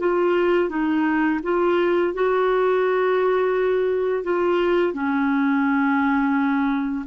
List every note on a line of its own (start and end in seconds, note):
0.00 0.70 F4
0.70 1.41 D#4
1.44 2.14 F4
2.14 4.24 F#4
4.24 4.94 F4
4.94 7.06 C#4